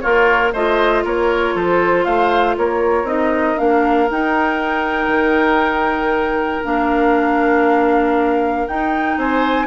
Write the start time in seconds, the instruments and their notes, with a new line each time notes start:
0.00 bassoon A#3, oboe F4, clarinet A#4, flute C#5
0.53 bassoon A3, clarinet F4, oboe C5, flute D#5
1.04 bassoon A#3, oboe A#4, flute C#5
1.55 bassoon F3, oboe A4, flute C5
2.05 bassoon A3, oboe C5, flute F5
2.57 bassoon A#3, oboe A#4, flute C#5
3.04 bassoon C4, clarinet D#4, flute D#5
3.57 bassoon A#3, clarinet D4, flute F5
4.10 bassoon D#4, clarinet D#4, flute G5
5.07 bassoon D#3
6.63 bassoon A#3, clarinet D4, flute F5
8.67 clarinet D#4, bassoon D#4, flute G5
9.17 bassoon C4, oboe C5, flute G#5